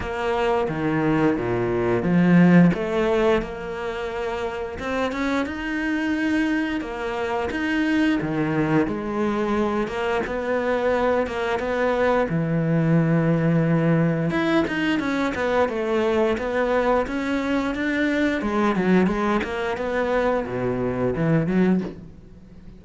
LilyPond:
\new Staff \with { instrumentName = "cello" } { \time 4/4 \tempo 4 = 88 ais4 dis4 ais,4 f4 | a4 ais2 c'8 cis'8 | dis'2 ais4 dis'4 | dis4 gis4. ais8 b4~ |
b8 ais8 b4 e2~ | e4 e'8 dis'8 cis'8 b8 a4 | b4 cis'4 d'4 gis8 fis8 | gis8 ais8 b4 b,4 e8 fis8 | }